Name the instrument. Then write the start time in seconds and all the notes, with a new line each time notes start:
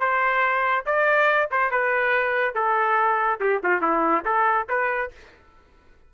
trumpet
0.00 C5
0.86 D5
1.51 C5
1.71 B4
2.55 A4
3.40 G4
3.63 F4
3.82 E4
4.25 A4
4.69 B4